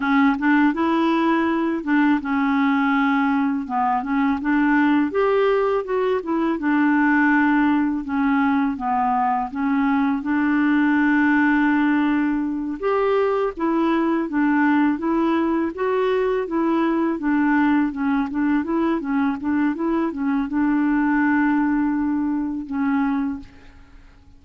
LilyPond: \new Staff \with { instrumentName = "clarinet" } { \time 4/4 \tempo 4 = 82 cis'8 d'8 e'4. d'8 cis'4~ | cis'4 b8 cis'8 d'4 g'4 | fis'8 e'8 d'2 cis'4 | b4 cis'4 d'2~ |
d'4. g'4 e'4 d'8~ | d'8 e'4 fis'4 e'4 d'8~ | d'8 cis'8 d'8 e'8 cis'8 d'8 e'8 cis'8 | d'2. cis'4 | }